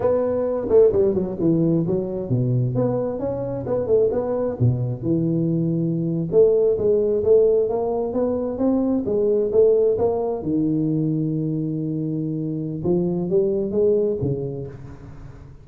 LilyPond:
\new Staff \with { instrumentName = "tuba" } { \time 4/4 \tempo 4 = 131 b4. a8 g8 fis8 e4 | fis4 b,4 b4 cis'4 | b8 a8 b4 b,4 e4~ | e4.~ e16 a4 gis4 a16~ |
a8. ais4 b4 c'4 gis16~ | gis8. a4 ais4 dis4~ dis16~ | dis1 | f4 g4 gis4 cis4 | }